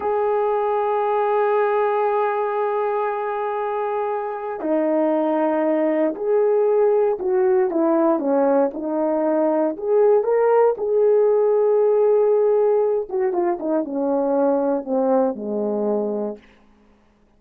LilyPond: \new Staff \with { instrumentName = "horn" } { \time 4/4 \tempo 4 = 117 gis'1~ | gis'1~ | gis'4 dis'2. | gis'2 fis'4 e'4 |
cis'4 dis'2 gis'4 | ais'4 gis'2.~ | gis'4. fis'8 f'8 dis'8 cis'4~ | cis'4 c'4 gis2 | }